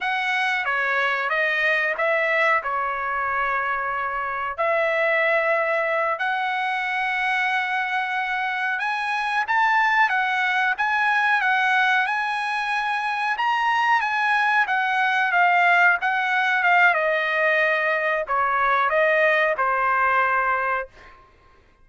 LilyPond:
\new Staff \with { instrumentName = "trumpet" } { \time 4/4 \tempo 4 = 92 fis''4 cis''4 dis''4 e''4 | cis''2. e''4~ | e''4. fis''2~ fis''8~ | fis''4. gis''4 a''4 fis''8~ |
fis''8 gis''4 fis''4 gis''4.~ | gis''8 ais''4 gis''4 fis''4 f''8~ | f''8 fis''4 f''8 dis''2 | cis''4 dis''4 c''2 | }